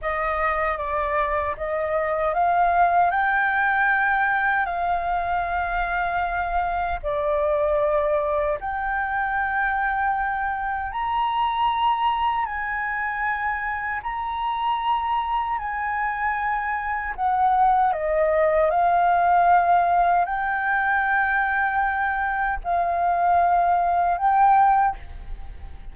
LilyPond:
\new Staff \with { instrumentName = "flute" } { \time 4/4 \tempo 4 = 77 dis''4 d''4 dis''4 f''4 | g''2 f''2~ | f''4 d''2 g''4~ | g''2 ais''2 |
gis''2 ais''2 | gis''2 fis''4 dis''4 | f''2 g''2~ | g''4 f''2 g''4 | }